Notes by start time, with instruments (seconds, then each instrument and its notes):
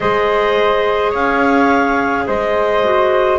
0.00 double bass G#3, clarinet G#4 D#5, flute C5
1.10 double bass C#4, flute C#5, clarinet F5
2.26 double bass G#3, flute C5, clarinet D#5
2.83 clarinet F#4